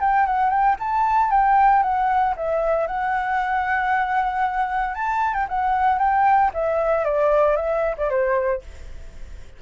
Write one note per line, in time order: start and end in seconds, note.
0.00 0.26 G5
0.26 0.50 F#5
0.50 0.76 G5
0.79 1.30 A5
1.30 1.82 G5
1.82 2.35 F#5
2.36 2.87 E5
2.87 4.94 F#5
4.94 5.33 A5
5.33 5.46 G5
5.49 5.98 F#5
5.98 6.51 G5
6.53 7.04 E5
7.04 7.56 D5
7.56 7.95 E5
7.97 8.09 D5
8.09 8.62 C5